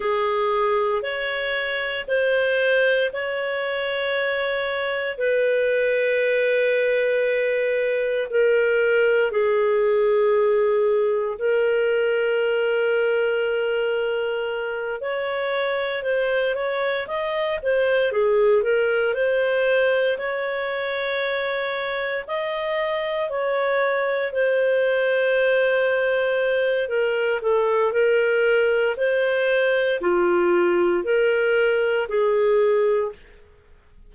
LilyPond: \new Staff \with { instrumentName = "clarinet" } { \time 4/4 \tempo 4 = 58 gis'4 cis''4 c''4 cis''4~ | cis''4 b'2. | ais'4 gis'2 ais'4~ | ais'2~ ais'8 cis''4 c''8 |
cis''8 dis''8 c''8 gis'8 ais'8 c''4 cis''8~ | cis''4. dis''4 cis''4 c''8~ | c''2 ais'8 a'8 ais'4 | c''4 f'4 ais'4 gis'4 | }